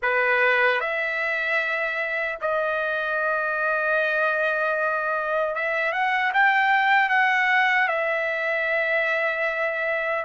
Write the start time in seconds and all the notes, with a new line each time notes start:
0.02 B4
0.80 E5
2.41 D#5
5.55 E5
5.92 F#5
6.33 G5
7.09 F#5
7.88 E5